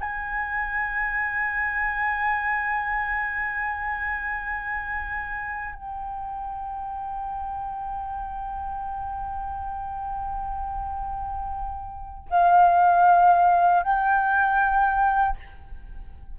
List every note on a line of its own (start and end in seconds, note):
0.00 5.74 G#5
5.74 12.28 G5
12.30 13.83 F5
13.83 15.36 G5